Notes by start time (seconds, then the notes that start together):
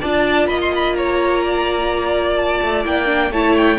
0.00 D4 F4 D5 A5
0.47 A#3 D#5 B5
0.61 C6
0.75 B5
0.95 C#5 A#5
1.44 D5
2.36 A5
2.62 A3
2.84 A#3 E4 G5
3.06 D4
3.31 A3 E4 C#5 A5
3.57 G5